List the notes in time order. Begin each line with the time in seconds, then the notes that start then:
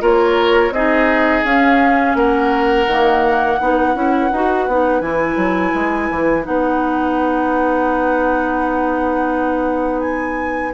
0.00 A#3 F4 A#4 C#5
0.70 C4 D#4 G#4 D#5
1.44 C#4 F5
2.15 A#3 A#4 F#5
2.86 D#3 A#3
3.59 B3 D#4 B4
3.94 C#4 E4
4.32 D#4 F#4
4.67 B3 D#4
5.00 E3 E4 G#5
5.36 F#3
5.74 G#3
6.10 E3
6.42 B3 D#4 F#5
10.00 G#5